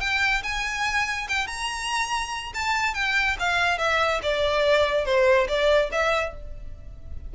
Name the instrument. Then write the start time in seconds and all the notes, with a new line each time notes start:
violin
0.00 G5
0.43 G#5
1.28 G5
1.47 A#5
2.54 A5
2.94 G5
3.39 F5
3.78 E5
4.22 D5
5.05 C5
5.48 D5
5.91 E5